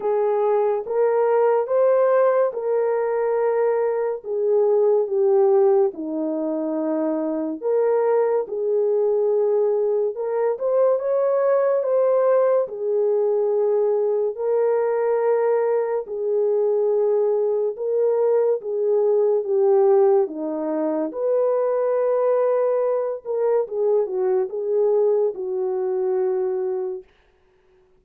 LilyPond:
\new Staff \with { instrumentName = "horn" } { \time 4/4 \tempo 4 = 71 gis'4 ais'4 c''4 ais'4~ | ais'4 gis'4 g'4 dis'4~ | dis'4 ais'4 gis'2 | ais'8 c''8 cis''4 c''4 gis'4~ |
gis'4 ais'2 gis'4~ | gis'4 ais'4 gis'4 g'4 | dis'4 b'2~ b'8 ais'8 | gis'8 fis'8 gis'4 fis'2 | }